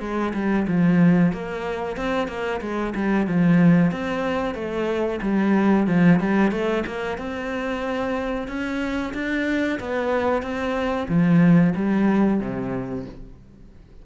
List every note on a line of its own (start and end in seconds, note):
0.00 0.33 G#3
0.33 0.66 G3
0.67 1.32 F3
1.32 1.96 A#3
1.96 2.28 C4
2.28 2.60 A#3
2.61 2.93 G#3
2.95 3.27 G3
3.27 3.91 F3
3.91 4.54 C4
4.54 5.19 A3
5.21 5.87 G3
5.87 6.19 F3
6.20 6.51 G3
6.51 6.84 A3
6.86 7.17 A#3
7.17 8.48 C4
8.48 9.13 C#4
9.13 9.79 D4
9.80 10.42 B3
10.42 11.07 C4
11.08 11.73 F3
11.75 12.40 G3
12.40 13.05 C3